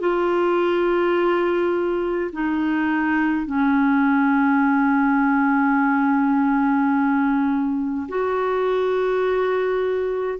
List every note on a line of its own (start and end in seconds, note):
0.00 2.31 F4
2.33 3.46 D#4
3.46 8.08 C#4
8.08 10.39 F#4